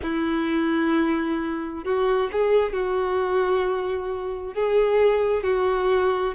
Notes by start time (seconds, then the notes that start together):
0.02 E4
1.84 F#4
2.31 G#4
2.72 F#4
4.54 G#4
5.43 F#4